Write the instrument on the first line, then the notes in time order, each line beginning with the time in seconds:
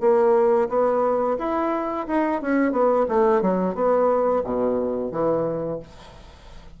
bassoon
0.00 A#3
0.68 B3
1.38 E4
2.07 D#4
2.41 C#4
2.71 B3
3.08 A3
3.41 F#3
3.74 B3
4.43 B2
5.11 E3